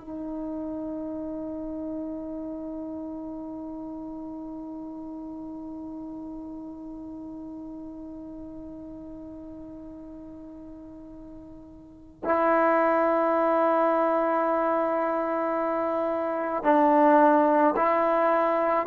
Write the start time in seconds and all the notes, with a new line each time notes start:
0.00 D#4
12.24 E4
16.64 D4
17.76 E4